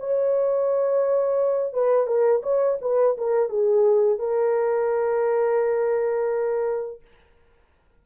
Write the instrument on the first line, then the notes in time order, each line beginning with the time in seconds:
horn
0.00 C#5
1.74 B4
2.07 A#4
2.43 C#5
2.82 B4
3.18 A#4
3.50 G#4
4.19 A#4